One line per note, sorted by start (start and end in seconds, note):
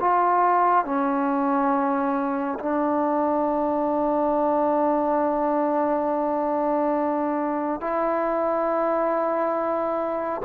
0.00 0.85 F4
0.85 2.58 C#4
2.59 7.80 D4
7.80 10.41 E4